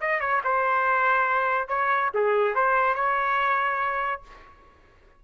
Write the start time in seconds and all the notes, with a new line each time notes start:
0.00 D#5
0.20 C#5
0.44 C5
1.68 C#5
2.14 G#4
2.54 C5
2.95 C#5